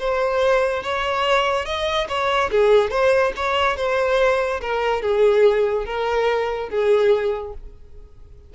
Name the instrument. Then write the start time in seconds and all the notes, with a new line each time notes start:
violin
0.00 C5
0.84 C#5
1.66 D#5
2.09 C#5
2.51 G#4
2.91 C5
3.37 C#5
3.77 C5
4.62 A#4
5.02 G#4
5.86 A#4
6.70 G#4